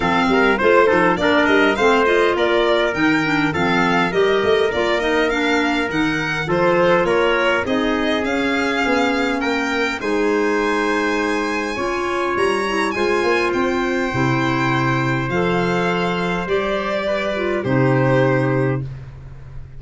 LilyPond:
<<
  \new Staff \with { instrumentName = "violin" } { \time 4/4 \tempo 4 = 102 f''4 c''4 d''8 dis''8 f''8 dis''8 | d''4 g''4 f''4 dis''4 | d''8 dis''8 f''4 fis''4 c''4 | cis''4 dis''4 f''2 |
g''4 gis''2.~ | gis''4 ais''4 gis''4 g''4~ | g''2 f''2 | d''2 c''2 | }
  \new Staff \with { instrumentName = "trumpet" } { \time 4/4 a'8 ais'8 c''8 a'8 ais'4 c''4 | ais'2 a'4 ais'4~ | ais'2. a'4 | ais'4 gis'2. |
ais'4 c''2. | cis''2 c''2~ | c''1~ | c''4 b'4 g'2 | }
  \new Staff \with { instrumentName = "clarinet" } { \time 4/4 c'4 f'8 dis'8 d'4 c'8 f'8~ | f'4 dis'8 d'8 c'4 g'4 | f'8 dis'8 d'4 dis'4 f'4~ | f'4 dis'4 cis'2~ |
cis'4 dis'2. | f'4. e'8 f'2 | e'2 a'2 | g'4. f'8 dis'2 | }
  \new Staff \with { instrumentName = "tuba" } { \time 4/4 f8 g8 a8 f8 ais8 g8 a4 | ais4 dis4 f4 g8 a8 | ais2 dis4 f4 | ais4 c'4 cis'4 b4 |
ais4 gis2. | cis'4 g4 gis8 ais8 c'4 | c2 f2 | g2 c2 | }
>>